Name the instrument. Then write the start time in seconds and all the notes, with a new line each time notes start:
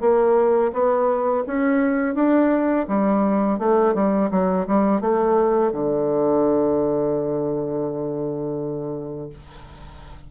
bassoon
0.00 A#3
0.72 B3
1.46 C#4
2.15 D4
2.88 G3
3.58 A3
3.94 G3
4.31 F#3
4.67 G3
5.01 A3
5.72 D3